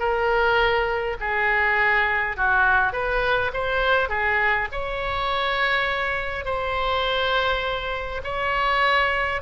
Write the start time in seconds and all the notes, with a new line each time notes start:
0.00 A#4
1.21 G#4
2.37 F#4
2.93 B4
3.54 C5
4.10 G#4
4.72 C#5
6.45 C5
8.24 C#5